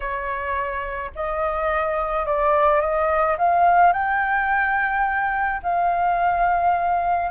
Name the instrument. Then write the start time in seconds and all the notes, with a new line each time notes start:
flute
0.00 C#5
1.15 D#5
2.26 D5
2.80 D#5
3.38 F5
3.93 G5
5.62 F5